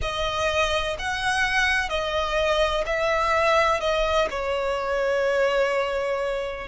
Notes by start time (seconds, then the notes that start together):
0.01 D#5
0.98 F#5
1.89 D#5
2.86 E5
3.80 D#5
4.30 C#5